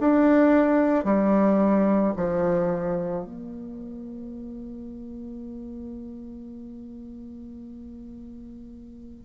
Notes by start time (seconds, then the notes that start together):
0.00 D4
1.04 G3
2.16 F3
3.25 A#3